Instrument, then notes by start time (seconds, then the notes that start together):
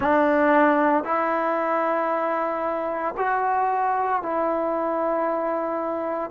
trombone
0.00 D4
1.04 E4
3.17 F#4
4.22 E4